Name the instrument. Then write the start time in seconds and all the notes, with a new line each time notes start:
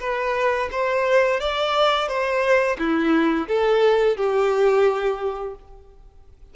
violin
0.00 B4
0.71 C5
1.40 D5
2.08 C5
2.78 E4
3.48 A4
4.17 G4